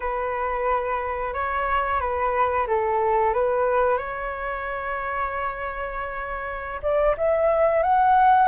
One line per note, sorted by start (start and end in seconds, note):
0.00 1.33 B4
1.33 2.00 C#5
2.00 2.67 B4
2.67 3.33 A4
3.33 3.97 B4
3.97 6.81 C#5
6.82 7.15 D5
7.17 7.82 E5
7.82 8.48 F#5